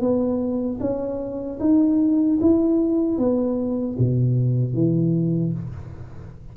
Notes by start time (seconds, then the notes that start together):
0.00 B3
0.80 C#4
1.60 D#4
2.41 E4
3.18 B3
3.98 B2
4.74 E3